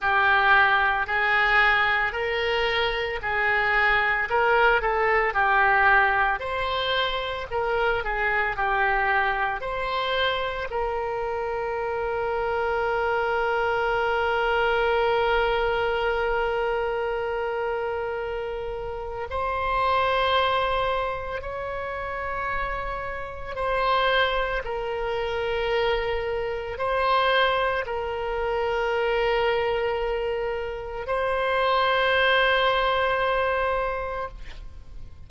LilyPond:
\new Staff \with { instrumentName = "oboe" } { \time 4/4 \tempo 4 = 56 g'4 gis'4 ais'4 gis'4 | ais'8 a'8 g'4 c''4 ais'8 gis'8 | g'4 c''4 ais'2~ | ais'1~ |
ais'2 c''2 | cis''2 c''4 ais'4~ | ais'4 c''4 ais'2~ | ais'4 c''2. | }